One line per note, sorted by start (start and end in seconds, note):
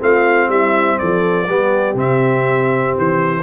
0.00 0.48 A3
0.00 1.48 C4
0.00 0.49 F4
0.00 0.50 F5
0.48 0.97 G3
0.48 0.99 E4
0.48 0.98 E5
0.98 1.48 F3
0.98 1.47 A4
0.98 1.97 D5
1.47 1.94 G3
1.47 1.95 B3
1.47 3.43 G4
1.94 2.93 C3
1.94 3.43 C4
1.94 2.98 E5
2.97 3.43 E3
2.97 3.43 C5